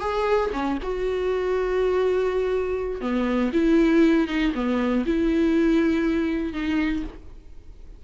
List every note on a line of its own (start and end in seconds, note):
0.00 0.50 G#4
0.53 0.78 C#4
0.82 3.01 F#4
3.01 3.51 B3
3.53 4.27 E4
4.27 4.52 D#4
4.54 5.04 B3
5.05 6.52 E4
6.52 7.02 D#4